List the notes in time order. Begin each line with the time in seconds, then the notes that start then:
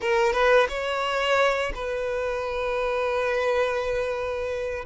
0.00 A#4
0.32 B4
0.68 C#5
1.74 B4